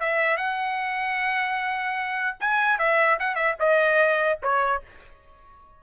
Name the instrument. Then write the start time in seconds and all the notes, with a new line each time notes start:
trumpet
0.00 E5
0.37 F#5
2.41 G#5
2.79 E5
3.20 F#5
3.36 E5
3.60 D#5
4.43 C#5